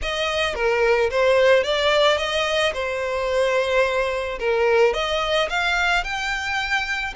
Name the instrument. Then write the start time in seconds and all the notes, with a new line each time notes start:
violin
0.02 D#5
0.54 A#4
1.10 C5
1.63 D5
2.17 D#5
2.73 C5
4.39 A#4
4.93 D#5
5.49 F5
6.04 G5